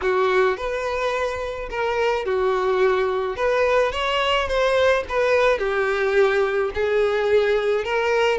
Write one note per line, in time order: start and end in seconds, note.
0.01 0.57 F#4
0.57 1.69 B4
1.70 2.25 A#4
2.25 3.36 F#4
3.36 3.92 B4
3.92 4.47 C#5
4.47 5.03 C5
5.08 5.58 B4
5.58 6.70 G4
6.74 7.84 G#4
7.84 8.38 A#4